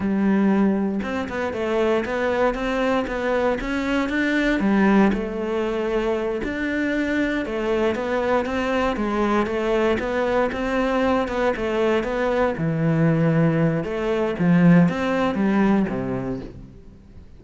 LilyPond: \new Staff \with { instrumentName = "cello" } { \time 4/4 \tempo 4 = 117 g2 c'8 b8 a4 | b4 c'4 b4 cis'4 | d'4 g4 a2~ | a8 d'2 a4 b8~ |
b8 c'4 gis4 a4 b8~ | b8 c'4. b8 a4 b8~ | b8 e2~ e8 a4 | f4 c'4 g4 c4 | }